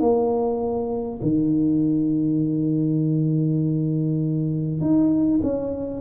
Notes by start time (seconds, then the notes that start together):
0.00 A#3
1.22 D#3
4.81 D#4
5.43 C#4